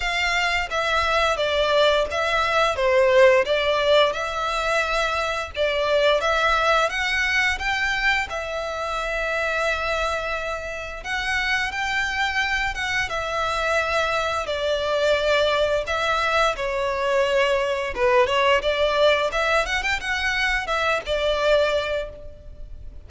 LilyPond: \new Staff \with { instrumentName = "violin" } { \time 4/4 \tempo 4 = 87 f''4 e''4 d''4 e''4 | c''4 d''4 e''2 | d''4 e''4 fis''4 g''4 | e''1 |
fis''4 g''4. fis''8 e''4~ | e''4 d''2 e''4 | cis''2 b'8 cis''8 d''4 | e''8 fis''16 g''16 fis''4 e''8 d''4. | }